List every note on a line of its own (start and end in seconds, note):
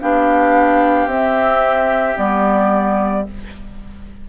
0.00 1.06 B3
0.00 1.09 D4
0.00 3.28 G4
0.00 1.08 F5
1.06 2.15 C4
1.06 2.16 C4
1.06 2.17 E5
2.16 3.27 G3
2.16 3.25 B3
2.16 3.26 D5